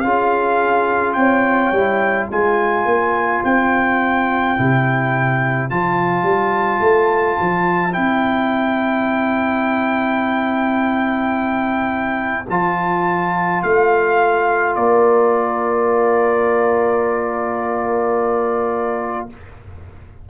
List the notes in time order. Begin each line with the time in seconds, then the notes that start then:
0.00 C#4 F4 G#4 F5
1.14 C4 C#5 G5
1.71 G3 E4
2.29 G#3 F4 C5 G#5
2.85 A#3
3.44 C4 G5
4.57 C3 E4
5.70 F3 F4 A5
6.23 G3
6.81 A3
7.40 F3
7.92 C4 E4 G5
12.49 F3 F4 A5
13.63 A3 F5
14.75 A#3 A#4 D5